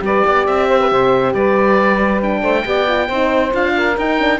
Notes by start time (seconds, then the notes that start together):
0.00 G3 G4 B4 D5
0.25 B3 D5
0.46 C4 E5
0.68 C5
0.79 B4
0.91 C3 C5
1.33 G3 B4 D5
2.21 D4 G5
2.42 A3 C5
2.65 B3 G4 D5
2.87 F4
3.07 C4 D#4 C5
3.51 D4 F4 F5
3.76 A#4
3.97 D#4 G5
4.18 D4